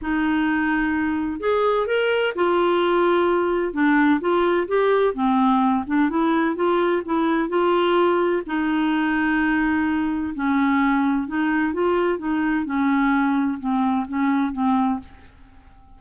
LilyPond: \new Staff \with { instrumentName = "clarinet" } { \time 4/4 \tempo 4 = 128 dis'2. gis'4 | ais'4 f'2. | d'4 f'4 g'4 c'4~ | c'8 d'8 e'4 f'4 e'4 |
f'2 dis'2~ | dis'2 cis'2 | dis'4 f'4 dis'4 cis'4~ | cis'4 c'4 cis'4 c'4 | }